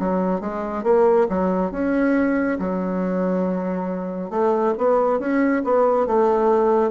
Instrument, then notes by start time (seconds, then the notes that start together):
bassoon
0.00 F#3
0.41 G#3
0.84 A#3
1.29 F#3
1.72 C#4
2.59 F#3
4.30 A3
4.78 B3
5.20 C#4
5.64 B3
6.07 A3